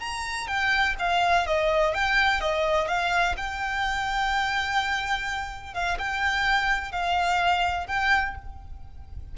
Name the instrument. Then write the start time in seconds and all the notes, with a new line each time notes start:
violin
0.00 A#5
0.48 G5
0.99 F5
1.47 D#5
1.95 G5
2.41 D#5
2.88 F5
3.37 G5
5.74 F5
5.99 G5
6.92 F5
7.87 G5